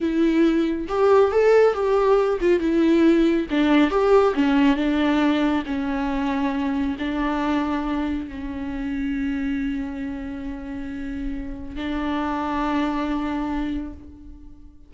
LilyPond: \new Staff \with { instrumentName = "viola" } { \time 4/4 \tempo 4 = 138 e'2 g'4 a'4 | g'4. f'8 e'2 | d'4 g'4 cis'4 d'4~ | d'4 cis'2. |
d'2. cis'4~ | cis'1~ | cis'2. d'4~ | d'1 | }